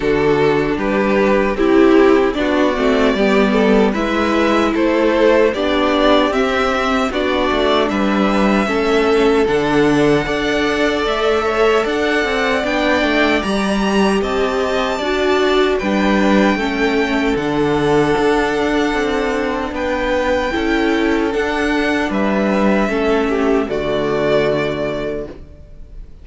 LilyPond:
<<
  \new Staff \with { instrumentName = "violin" } { \time 4/4 \tempo 4 = 76 a'4 b'4 g'4 d''4~ | d''4 e''4 c''4 d''4 | e''4 d''4 e''2 | fis''2 e''4 fis''4 |
g''4 ais''4 a''2 | g''2 fis''2~ | fis''4 g''2 fis''4 | e''2 d''2 | }
  \new Staff \with { instrumentName = "violin" } { \time 4/4 fis'4 g'4 e'4 fis'4 | g'8 a'8 b'4 a'4 g'4~ | g'4 fis'4 b'4 a'4~ | a'4 d''4. cis''8 d''4~ |
d''2 dis''4 d''4 | b'4 a'2.~ | a'4 b'4 a'2 | b'4 a'8 g'8 fis'2 | }
  \new Staff \with { instrumentName = "viola" } { \time 4/4 d'2 e'4 d'8 c'8 | b4 e'2 d'4 | c'4 d'2 cis'4 | d'4 a'2. |
d'4 g'2 fis'4 | d'4 cis'4 d'2~ | d'2 e'4 d'4~ | d'4 cis'4 a2 | }
  \new Staff \with { instrumentName = "cello" } { \time 4/4 d4 g4 c'4 b8 a8 | g4 gis4 a4 b4 | c'4 b8 a8 g4 a4 | d4 d'4 a4 d'8 c'8 |
b8 a8 g4 c'4 d'4 | g4 a4 d4 d'4 | c'4 b4 cis'4 d'4 | g4 a4 d2 | }
>>